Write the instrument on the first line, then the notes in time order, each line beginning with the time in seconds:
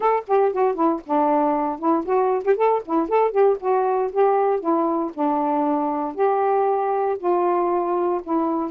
saxophone
0.00 A4
0.27 G4
0.52 F#4
0.75 E4
1.06 D4
1.79 E4
2.05 F#4
2.44 G4
2.56 A4
2.85 E4
3.08 A4
3.31 G4
3.60 F#4
4.12 G4
4.59 E4
5.14 D4
6.14 G4
7.18 F4
8.23 E4